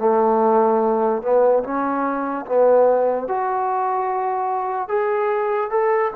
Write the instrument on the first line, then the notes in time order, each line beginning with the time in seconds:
trombone
0.00 A3
1.23 B3
1.64 C#4
2.46 B3
3.28 F#4
4.89 G#4
5.70 A4